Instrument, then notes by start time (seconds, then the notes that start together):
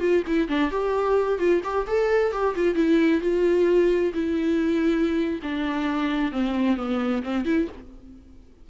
viola
0.00 F4
0.27 E4
0.48 D4
0.71 G4
1.39 F4
1.64 G4
1.87 A4
2.32 G4
2.56 F4
2.75 E4
3.21 F4
4.14 E4
5.42 D4
6.32 C4
6.77 B3
7.23 C4
7.45 E4